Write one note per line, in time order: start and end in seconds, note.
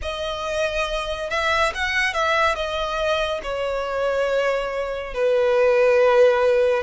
0.02 1.30 D#5
1.30 1.73 E5
1.74 2.13 F#5
2.13 2.55 E5
2.55 3.41 D#5
3.42 5.14 C#5
5.14 6.83 B4